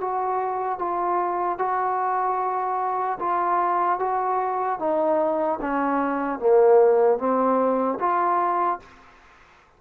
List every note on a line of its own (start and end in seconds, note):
0.00 0.79 F#4
0.79 1.58 F4
1.58 3.18 F#4
3.19 3.99 F4
3.99 4.79 F#4
4.79 5.59 D#4
5.61 6.39 C#4
6.39 7.18 A#3
7.18 7.98 C4
7.99 8.79 F4